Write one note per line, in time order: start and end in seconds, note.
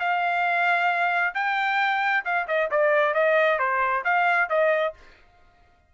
0.00 1.34 F5
1.35 2.24 G5
2.26 2.48 F5
2.48 2.70 D#5
2.71 3.14 D5
3.14 3.59 D#5
3.59 4.04 C5
4.05 4.50 F5
4.50 4.94 D#5